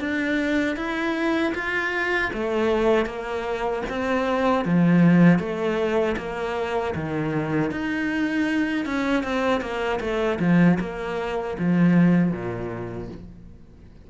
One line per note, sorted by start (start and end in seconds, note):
0.00 0.77 D4
0.77 1.53 E4
1.55 2.32 F4
2.34 3.06 A3
3.06 3.83 A#3
3.90 4.65 C4
4.65 5.40 F3
5.40 6.16 A3
6.17 6.94 A#3
6.96 7.72 D#3
7.72 8.86 D#4
8.86 9.24 C#4
9.24 9.62 C4
9.62 10.00 A#3
10.01 10.39 A3
10.40 10.79 F3
10.80 11.57 A#3
11.59 12.32 F3
12.32 13.09 A#2